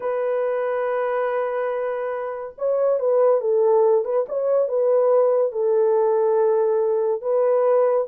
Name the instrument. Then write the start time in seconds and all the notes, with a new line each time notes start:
horn
0.00 B4
2.58 C#5
2.99 B4
3.40 A4
4.04 B4
4.28 C#5
4.68 B4
5.52 A4
7.21 B4